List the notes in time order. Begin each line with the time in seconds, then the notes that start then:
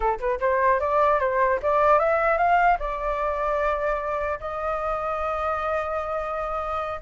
0.00 A4
0.19 B4
0.40 C5
0.79 D5
1.19 C5
1.62 D5
1.99 E5
2.37 F5
2.79 D5
4.40 D#5